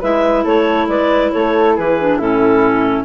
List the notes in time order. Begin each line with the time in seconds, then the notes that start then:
0.00 G#3 E4 B4 E5
0.44 A3 A4 C#5
0.88 G#3 B4 D5
1.32 A3 A4 C#5
1.76 E3 G#4 B4
1.99 D4
2.18 A2 C#4 E4 A4